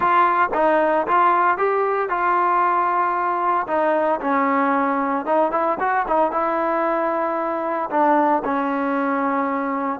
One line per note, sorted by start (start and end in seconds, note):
0.00 0.49 F4
0.54 1.06 D#4
1.07 1.57 F4
1.57 2.09 G4
2.09 3.67 F4
3.67 4.19 D#4
4.20 5.25 C#4
5.25 5.51 D#4
5.51 5.78 E4
5.79 6.06 F#4
6.07 6.31 D#4
6.31 7.89 E4
7.90 8.42 D4
8.44 10.00 C#4